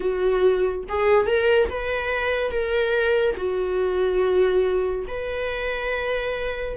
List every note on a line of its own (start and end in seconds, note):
0.00 0.84 F#4
0.88 1.26 G#4
1.26 1.68 A#4
1.69 2.51 B4
2.51 3.35 A#4
3.36 5.06 F#4
5.07 6.76 B4